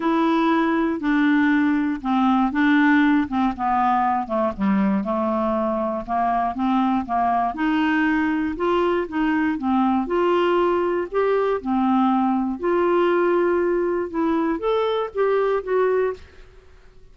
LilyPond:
\new Staff \with { instrumentName = "clarinet" } { \time 4/4 \tempo 4 = 119 e'2 d'2 | c'4 d'4. c'8 b4~ | b8 a8 g4 a2 | ais4 c'4 ais4 dis'4~ |
dis'4 f'4 dis'4 c'4 | f'2 g'4 c'4~ | c'4 f'2. | e'4 a'4 g'4 fis'4 | }